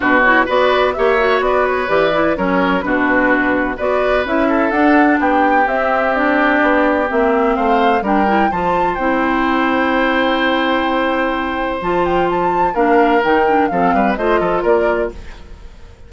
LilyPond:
<<
  \new Staff \with { instrumentName = "flute" } { \time 4/4 \tempo 4 = 127 b'8 cis''8 d''4 e''4 d''8 cis''8 | d''4 cis''4 b'2 | d''4 e''4 fis''4 g''4 | e''4 d''2 e''4 |
f''4 g''4 a''4 g''4~ | g''1~ | g''4 a''8 g''8 a''4 f''4 | g''4 f''4 dis''4 d''4 | }
  \new Staff \with { instrumentName = "oboe" } { \time 4/4 fis'4 b'4 cis''4 b'4~ | b'4 ais'4 fis'2 | b'4. a'4. g'4~ | g'1 |
c''4 ais'4 c''2~ | c''1~ | c''2. ais'4~ | ais'4 a'8 b'8 c''8 a'8 ais'4 | }
  \new Staff \with { instrumentName = "clarinet" } { \time 4/4 d'8 e'8 fis'4 g'8 fis'4. | g'8 e'8 cis'4 d'2 | fis'4 e'4 d'2 | c'4 d'2 c'4~ |
c'4 d'8 e'8 f'4 e'4~ | e'1~ | e'4 f'2 d'4 | dis'8 d'8 c'4 f'2 | }
  \new Staff \with { instrumentName = "bassoon" } { \time 4/4 b,4 b4 ais4 b4 | e4 fis4 b,2 | b4 cis'4 d'4 b4 | c'2 b4 ais4 |
a4 g4 f4 c'4~ | c'1~ | c'4 f2 ais4 | dis4 f8 g8 a8 f8 ais4 | }
>>